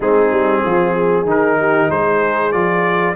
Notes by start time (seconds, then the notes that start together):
0.00 G#3 C4 D#4 G#4
0.31 G3
0.63 F3 F4
0.94 G#4
1.24 D#3 D#4 A#4
1.58 G4
1.90 G#3 G#4 C5
2.52 F3 F4 D5